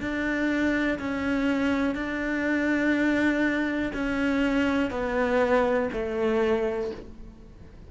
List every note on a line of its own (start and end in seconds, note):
0.00 0.98 D4
0.98 1.94 C#4
1.94 3.91 D4
3.93 4.90 C#4
4.90 5.89 B3
5.92 6.91 A3